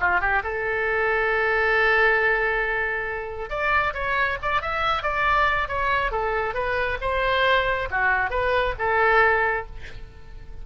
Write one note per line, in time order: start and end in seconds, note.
0.00 0.20 F4
0.20 0.42 G4
0.43 3.49 A4
3.49 3.93 D5
3.94 4.37 C#5
4.42 4.61 D5
4.61 5.02 E5
5.02 5.68 D5
5.68 6.11 C#5
6.11 6.54 A4
6.54 6.98 B4
7.01 7.89 C5
7.90 8.30 F#4
8.30 8.74 B4
8.78 9.66 A4